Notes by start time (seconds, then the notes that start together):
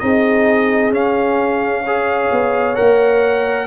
0.00 C4 D#4 G#4 D#5
0.91 C#4 F5
1.83 G#4 C#5
2.32 B3
2.76 A#3 A#4 F#5